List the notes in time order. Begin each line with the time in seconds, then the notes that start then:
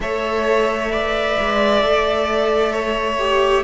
0.00 A3 A4 C#5 E5
0.90 B4 D5
1.39 G#3
1.81 A3 A4
2.72 C#5
3.19 G4